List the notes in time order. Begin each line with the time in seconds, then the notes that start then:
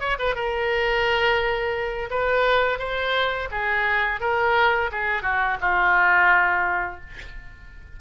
0.00 C#5
0.19 B4
0.36 A#4
2.11 B4
2.79 C5
3.51 G#4
4.21 A#4
4.92 G#4
5.23 F#4
5.61 F4